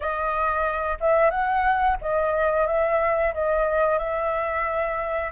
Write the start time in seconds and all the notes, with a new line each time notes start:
0.00 D#5
1.00 E5
1.30 F#5
2.01 D#5
2.67 E5
3.33 D#5
3.98 E5